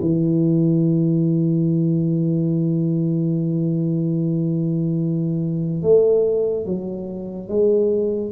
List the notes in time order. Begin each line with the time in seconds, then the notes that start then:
0.00 E3
5.82 A3
6.66 F#3
7.48 G#3